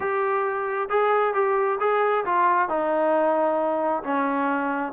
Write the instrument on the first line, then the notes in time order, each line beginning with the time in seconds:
trombone
0.00 G4
0.89 G#4
1.34 G4
1.80 G#4
2.25 F4
2.68 D#4
4.03 C#4